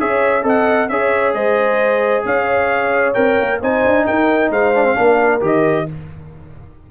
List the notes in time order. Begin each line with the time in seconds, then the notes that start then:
0.00 C#4 G#4 C#5 E5
0.43 C4 A4 D#5 F#5
0.89 C#4 G#4 C#5 E5
1.34 G#3 C5 D#5
2.25 C#4 C#5 F5
3.14 C4 A#4 G5
3.41 A#3
3.61 C4 D#4 C5 G#5
3.85 D4
4.07 D#4 A#4 G5
4.50 G#3 C5 F5
4.75 D4
4.85 C4
4.95 A#3 D4 A#4
5.41 D#3 G4 D#5